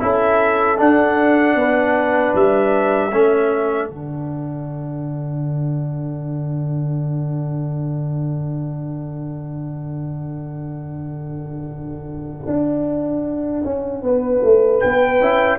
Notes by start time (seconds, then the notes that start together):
0.00 C#4 E4 A4 E5
0.77 D4 F#5
1.56 B3 B4
2.34 G3 E5
3.12 A3 C#4 A4
3.90 D3 D4 F#5
12.47 D4
13.64 C#4
14.03 B3 B4
14.43 A3
14.80 B3 G5
15.20 C#4 E4